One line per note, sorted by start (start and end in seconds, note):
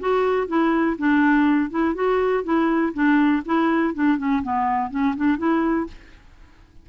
0.00 0.48 F#4
0.48 0.97 E4
0.99 1.70 D4
1.70 1.94 E4
1.94 2.44 F#4
2.44 2.93 E4
2.94 3.43 D4
3.46 3.94 E4
3.94 4.18 D4
4.18 4.43 C#4
4.43 4.91 B3
4.91 5.15 C#4
5.16 5.38 D4
5.38 5.87 E4